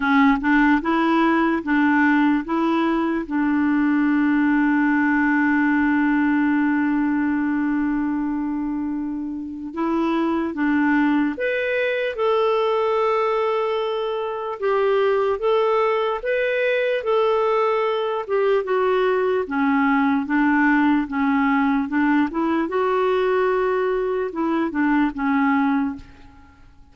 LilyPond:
\new Staff \with { instrumentName = "clarinet" } { \time 4/4 \tempo 4 = 74 cis'8 d'8 e'4 d'4 e'4 | d'1~ | d'1 | e'4 d'4 b'4 a'4~ |
a'2 g'4 a'4 | b'4 a'4. g'8 fis'4 | cis'4 d'4 cis'4 d'8 e'8 | fis'2 e'8 d'8 cis'4 | }